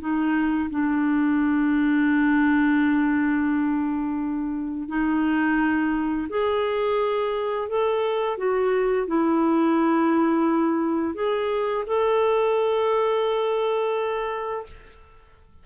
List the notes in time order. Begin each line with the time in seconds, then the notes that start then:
0.00 D#4
0.71 D4
4.88 D#4
6.29 G#4
7.69 A4
8.38 F#4
9.08 E4
11.15 G#4
11.87 A4